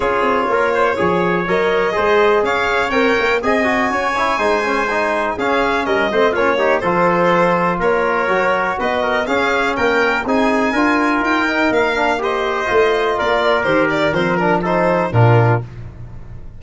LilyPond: <<
  \new Staff \with { instrumentName = "violin" } { \time 4/4 \tempo 4 = 123 cis''2. dis''4~ | dis''4 f''4 g''4 gis''4~ | gis''2. f''4 | dis''4 cis''4 c''2 |
cis''2 dis''4 f''4 | g''4 gis''2 g''4 | f''4 dis''2 d''4 | c''8 d''8 c''8 ais'8 c''4 ais'4 | }
  \new Staff \with { instrumentName = "trumpet" } { \time 4/4 gis'4 ais'8 c''8 cis''2 | c''4 cis''2 dis''4 | cis''4 c''2 gis'4 | ais'8 c''8 f'8 g'8 a'2 |
ais'2 b'8 ais'8 gis'4 | ais'4 gis'4 ais'2~ | ais'4 c''2 ais'4~ | ais'2 a'4 f'4 | }
  \new Staff \with { instrumentName = "trombone" } { \time 4/4 f'2 gis'4 ais'4 | gis'2 ais'4 gis'8 fis'8~ | fis'8 e'8 dis'8 cis'8 dis'4 cis'4~ | cis'8 c'8 cis'8 dis'8 f'2~ |
f'4 fis'2 cis'4~ | cis'4 dis'4 f'4. dis'8~ | dis'8 d'8 g'4 f'2 | g'4 c'8 d'8 dis'4 d'4 | }
  \new Staff \with { instrumentName = "tuba" } { \time 4/4 cis'8 c'8 ais4 f4 fis4 | gis4 cis'4 c'8 ais8 c'4 | cis'4 gis2 cis'4 | g8 a8 ais4 f2 |
ais4 fis4 b4 cis'4 | ais4 c'4 d'4 dis'4 | ais2 a4 ais4 | dis4 f2 ais,4 | }
>>